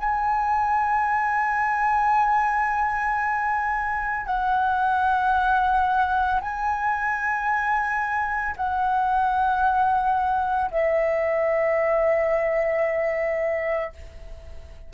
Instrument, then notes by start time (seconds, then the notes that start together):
flute
0.00 G#5
4.27 F#5
6.41 G#5
8.57 F#5
10.71 E5